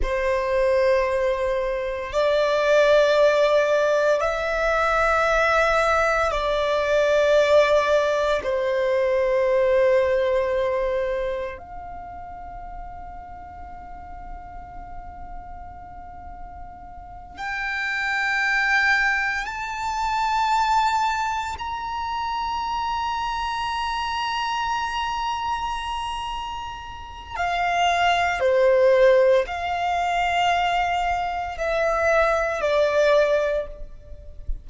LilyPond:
\new Staff \with { instrumentName = "violin" } { \time 4/4 \tempo 4 = 57 c''2 d''2 | e''2 d''2 | c''2. f''4~ | f''1~ |
f''8 g''2 a''4.~ | a''8 ais''2.~ ais''8~ | ais''2 f''4 c''4 | f''2 e''4 d''4 | }